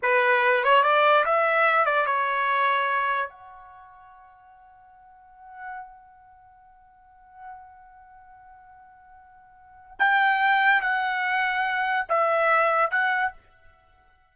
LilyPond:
\new Staff \with { instrumentName = "trumpet" } { \time 4/4 \tempo 4 = 144 b'4. cis''8 d''4 e''4~ | e''8 d''8 cis''2. | fis''1~ | fis''1~ |
fis''1~ | fis''1 | g''2 fis''2~ | fis''4 e''2 fis''4 | }